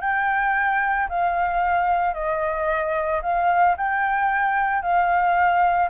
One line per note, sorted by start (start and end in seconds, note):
0.00 1.07 G5
1.09 2.14 F5
2.14 3.21 D#5
3.22 3.75 F5
3.76 4.82 G5
4.82 5.89 F5